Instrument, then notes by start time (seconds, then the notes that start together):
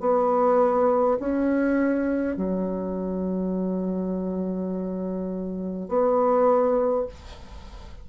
bassoon
0.00 B3
1.19 C#4
2.36 F#3
5.88 B3